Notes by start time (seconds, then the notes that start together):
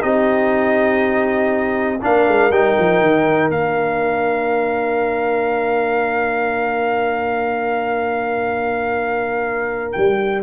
0.00 C4 D#4 G4 D#5
2.02 A#3 D4 A#4 F5
2.27 G#3
2.51 G3 D#4 G5
2.78 F3
3.01 D#3
3.49 A#3 D4 F5
9.92 G3 G5